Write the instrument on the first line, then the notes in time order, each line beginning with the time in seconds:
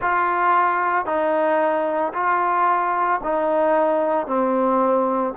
trombone
0.01 F4
1.05 D#4
2.13 F4
3.23 D#4
4.27 C4